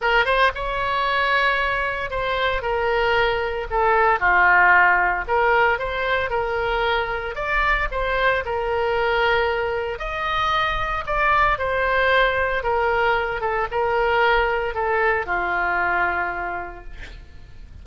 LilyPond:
\new Staff \with { instrumentName = "oboe" } { \time 4/4 \tempo 4 = 114 ais'8 c''8 cis''2. | c''4 ais'2 a'4 | f'2 ais'4 c''4 | ais'2 d''4 c''4 |
ais'2. dis''4~ | dis''4 d''4 c''2 | ais'4. a'8 ais'2 | a'4 f'2. | }